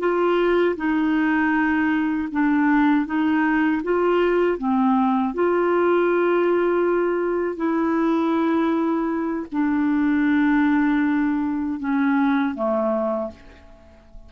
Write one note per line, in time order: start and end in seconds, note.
0.00 0.76 F4
0.77 2.29 D#4
2.32 3.06 D4
3.06 3.82 D#4
3.84 4.58 F4
4.58 5.34 C4
5.34 7.57 F4
7.57 9.47 E4
9.52 11.80 D4
11.80 12.55 C#4
12.55 13.31 A3